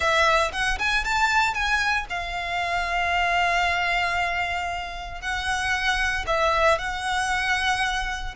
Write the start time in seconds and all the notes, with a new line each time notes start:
0.00 E5
0.52 F#5
0.78 G#5
1.04 A5
1.54 G#5
2.09 F5
5.21 F#5
6.27 E5
6.78 F#5